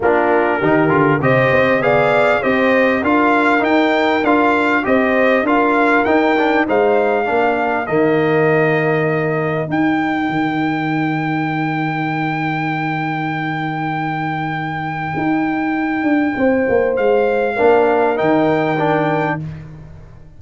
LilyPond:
<<
  \new Staff \with { instrumentName = "trumpet" } { \time 4/4 \tempo 4 = 99 ais'2 dis''4 f''4 | dis''4 f''4 g''4 f''4 | dis''4 f''4 g''4 f''4~ | f''4 dis''2. |
g''1~ | g''1~ | g''1 | f''2 g''2 | }
  \new Staff \with { instrumentName = "horn" } { \time 4/4 f'4 g'4 c''4 d''4 | c''4 ais'2. | c''4 ais'2 c''4 | ais'1~ |
ais'1~ | ais'1~ | ais'2. c''4~ | c''4 ais'2. | }
  \new Staff \with { instrumentName = "trombone" } { \time 4/4 d'4 dis'8 f'8 g'4 gis'4 | g'4 f'4 dis'4 f'4 | g'4 f'4 dis'8 d'8 dis'4 | d'4 ais2. |
dis'1~ | dis'1~ | dis'1~ | dis'4 d'4 dis'4 d'4 | }
  \new Staff \with { instrumentName = "tuba" } { \time 4/4 ais4 dis8 d8 c8 c'8 b4 | c'4 d'4 dis'4 d'4 | c'4 d'4 dis'4 gis4 | ais4 dis2. |
dis'4 dis2.~ | dis1~ | dis4 dis'4. d'8 c'8 ais8 | gis4 ais4 dis2 | }
>>